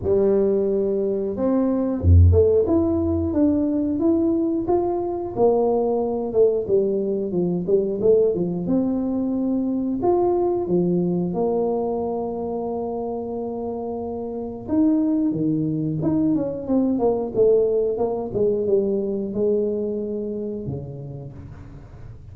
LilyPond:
\new Staff \with { instrumentName = "tuba" } { \time 4/4 \tempo 4 = 90 g2 c'4 f,8 a8 | e'4 d'4 e'4 f'4 | ais4. a8 g4 f8 g8 | a8 f8 c'2 f'4 |
f4 ais2.~ | ais2 dis'4 dis4 | dis'8 cis'8 c'8 ais8 a4 ais8 gis8 | g4 gis2 cis4 | }